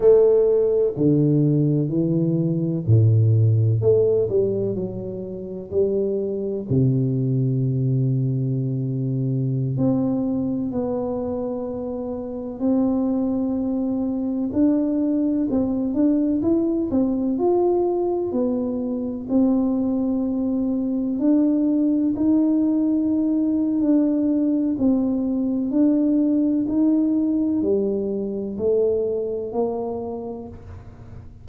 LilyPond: \new Staff \with { instrumentName = "tuba" } { \time 4/4 \tempo 4 = 63 a4 d4 e4 a,4 | a8 g8 fis4 g4 c4~ | c2~ c16 c'4 b8.~ | b4~ b16 c'2 d'8.~ |
d'16 c'8 d'8 e'8 c'8 f'4 b8.~ | b16 c'2 d'4 dis'8.~ | dis'4 d'4 c'4 d'4 | dis'4 g4 a4 ais4 | }